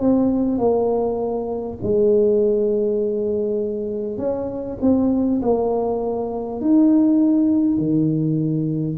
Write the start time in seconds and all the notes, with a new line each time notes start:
0.00 C4
0.57 A#3
1.83 G#3
4.17 C#4
4.81 C4
5.42 A#3
6.60 D#4
7.77 D#3